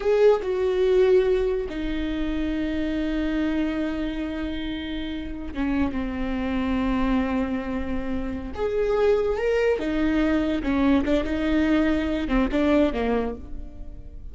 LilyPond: \new Staff \with { instrumentName = "viola" } { \time 4/4 \tempo 4 = 144 gis'4 fis'2. | dis'1~ | dis'1~ | dis'4~ dis'16 cis'4 c'4.~ c'16~ |
c'1~ | c'8 gis'2 ais'4 dis'8~ | dis'4. cis'4 d'8 dis'4~ | dis'4. c'8 d'4 ais4 | }